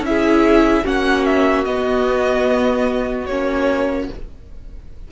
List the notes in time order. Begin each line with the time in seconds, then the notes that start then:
0.00 C#4 E4 E5
0.09 G#4
0.83 A#3 C#4 F#4 F#5
1.25 E5
1.65 B3 D#5
3.26 A#3 C#4 C#5